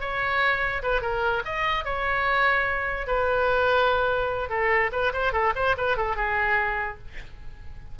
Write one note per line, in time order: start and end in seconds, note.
0.00 0.82 C#5
0.83 1.01 B4
1.01 1.43 A#4
1.45 1.85 D#5
1.85 3.07 C#5
3.07 4.49 B4
4.49 4.91 A4
4.92 5.13 B4
5.13 5.33 C5
5.33 5.53 A4
5.55 5.76 C5
5.77 5.97 B4
5.97 6.16 A4
6.16 6.98 G#4